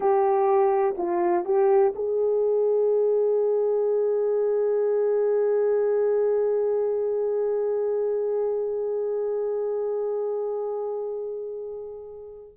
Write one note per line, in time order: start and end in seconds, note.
0.00 0.95 G4
0.97 1.45 F4
1.45 1.93 G4
1.95 12.57 G#4